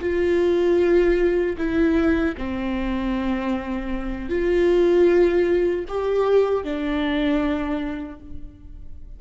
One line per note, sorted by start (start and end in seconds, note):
0.00 1.56 F4
1.57 2.35 E4
2.37 4.29 C4
4.29 5.85 F4
5.88 6.64 G4
6.64 8.20 D4